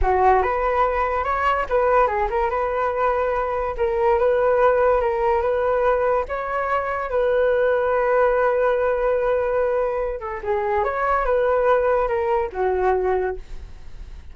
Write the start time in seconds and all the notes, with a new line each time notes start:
0.01 F#4
0.42 B4
1.24 C#5
1.69 B4
2.07 G#4
2.29 A#4
2.50 B4
3.77 A#4
4.18 B4
5.00 A#4
5.41 B4
6.28 C#5
7.09 B4
10.20 A4
10.43 G#4
10.84 C#5
11.25 B4
12.08 A#4
12.52 F#4